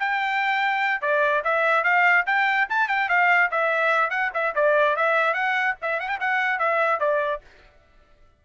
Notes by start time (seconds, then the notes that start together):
0.00 G5
1.02 D5
1.45 E5
1.84 F5
2.27 G5
2.70 A5
2.89 G5
3.09 F5
3.52 E5
4.11 F#5
4.34 E5
4.55 D5
4.97 E5
5.34 F#5
5.82 E5
6.00 F#5
6.09 G5
6.21 F#5
6.60 E5
7.00 D5